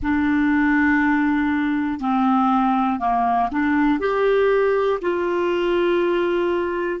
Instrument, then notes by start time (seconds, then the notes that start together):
clarinet
0.02 D4
2.00 C4
3.00 A#3
3.51 D4
4.00 G4
5.01 F4